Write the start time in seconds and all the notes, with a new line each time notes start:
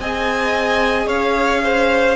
0.00 C4 G#4 D#5 G#5
1.07 C#4 C#5 F5
1.64 C5